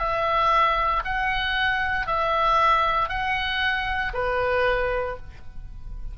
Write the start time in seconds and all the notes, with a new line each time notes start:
0.00 E5
1.05 F#5
2.07 E5
3.09 F#5
4.14 B4